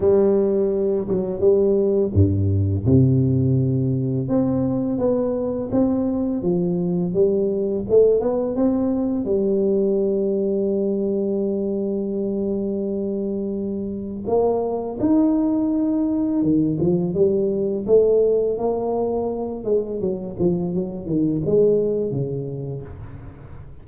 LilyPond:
\new Staff \with { instrumentName = "tuba" } { \time 4/4 \tempo 4 = 84 g4. fis8 g4 g,4 | c2 c'4 b4 | c'4 f4 g4 a8 b8 | c'4 g2.~ |
g1 | ais4 dis'2 dis8 f8 | g4 a4 ais4. gis8 | fis8 f8 fis8 dis8 gis4 cis4 | }